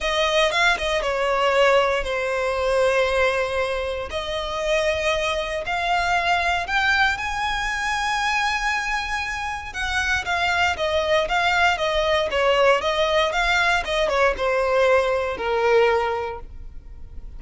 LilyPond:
\new Staff \with { instrumentName = "violin" } { \time 4/4 \tempo 4 = 117 dis''4 f''8 dis''8 cis''2 | c''1 | dis''2. f''4~ | f''4 g''4 gis''2~ |
gis''2. fis''4 | f''4 dis''4 f''4 dis''4 | cis''4 dis''4 f''4 dis''8 cis''8 | c''2 ais'2 | }